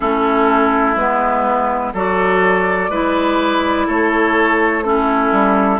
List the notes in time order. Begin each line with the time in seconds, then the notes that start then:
0.00 A3 C#4 E4 A4
0.96 G#3 B3 B4
1.93 F#3 F#4 A4 D5
2.89 G#3 E4 B4
3.86 A3 A4 C#5
4.83 C#4 E4 A4
5.32 G3